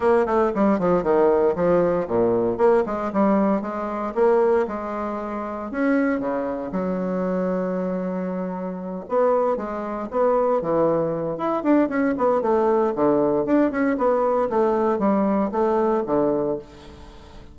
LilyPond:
\new Staff \with { instrumentName = "bassoon" } { \time 4/4 \tempo 4 = 116 ais8 a8 g8 f8 dis4 f4 | ais,4 ais8 gis8 g4 gis4 | ais4 gis2 cis'4 | cis4 fis2.~ |
fis4. b4 gis4 b8~ | b8 e4. e'8 d'8 cis'8 b8 | a4 d4 d'8 cis'8 b4 | a4 g4 a4 d4 | }